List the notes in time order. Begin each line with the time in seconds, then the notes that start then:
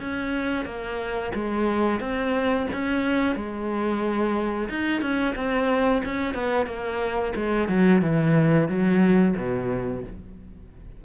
0.00 C#4
0.65 A#3
1.34 G#3
2.00 C4
2.73 C#4
3.35 G#3
4.69 D#4
5.01 C#4
5.35 C4
6.05 C#4
6.34 B3
6.66 A#3
7.35 G#3
7.68 F#3
8.02 E3
8.68 F#3
9.37 B2